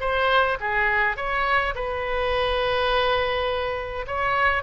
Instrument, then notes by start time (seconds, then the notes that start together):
oboe
0.00 C5
0.60 G#4
1.16 C#5
1.75 B4
4.07 C#5